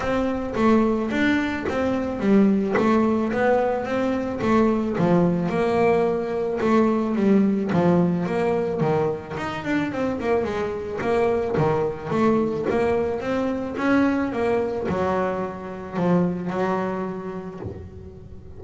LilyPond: \new Staff \with { instrumentName = "double bass" } { \time 4/4 \tempo 4 = 109 c'4 a4 d'4 c'4 | g4 a4 b4 c'4 | a4 f4 ais2 | a4 g4 f4 ais4 |
dis4 dis'8 d'8 c'8 ais8 gis4 | ais4 dis4 a4 ais4 | c'4 cis'4 ais4 fis4~ | fis4 f4 fis2 | }